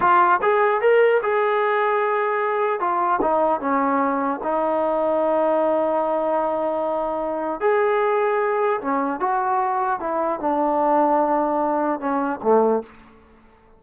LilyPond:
\new Staff \with { instrumentName = "trombone" } { \time 4/4 \tempo 4 = 150 f'4 gis'4 ais'4 gis'4~ | gis'2. f'4 | dis'4 cis'2 dis'4~ | dis'1~ |
dis'2. gis'4~ | gis'2 cis'4 fis'4~ | fis'4 e'4 d'2~ | d'2 cis'4 a4 | }